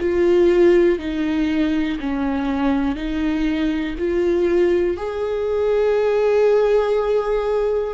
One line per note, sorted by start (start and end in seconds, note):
0.00 0.99 F4
0.99 1.99 D#4
2.00 2.95 C#4
2.95 3.95 D#4
3.98 4.98 F4
4.98 7.95 G#4